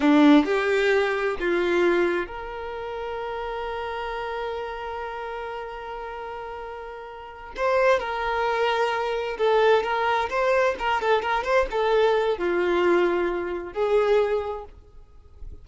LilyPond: \new Staff \with { instrumentName = "violin" } { \time 4/4 \tempo 4 = 131 d'4 g'2 f'4~ | f'4 ais'2.~ | ais'1~ | ais'1~ |
ais'8 c''4 ais'2~ ais'8~ | ais'8 a'4 ais'4 c''4 ais'8 | a'8 ais'8 c''8 a'4. f'4~ | f'2 gis'2 | }